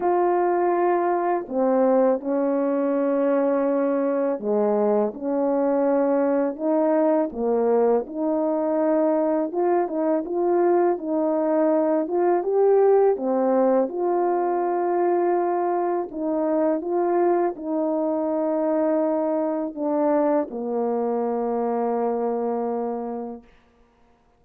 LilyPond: \new Staff \with { instrumentName = "horn" } { \time 4/4 \tempo 4 = 82 f'2 c'4 cis'4~ | cis'2 gis4 cis'4~ | cis'4 dis'4 ais4 dis'4~ | dis'4 f'8 dis'8 f'4 dis'4~ |
dis'8 f'8 g'4 c'4 f'4~ | f'2 dis'4 f'4 | dis'2. d'4 | ais1 | }